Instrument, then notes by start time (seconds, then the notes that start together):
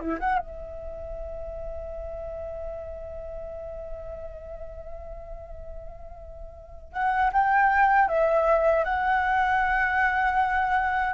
flute
0.00 E4
0.20 F#5
0.39 E5
6.93 F#5
7.33 G5
8.08 E5
8.85 F#5